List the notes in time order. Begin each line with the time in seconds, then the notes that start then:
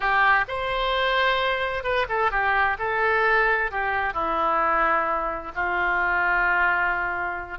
0.00 G4
0.47 C5
1.83 B4
2.09 A4
2.31 G4
2.78 A4
3.71 G4
4.13 E4
5.55 F4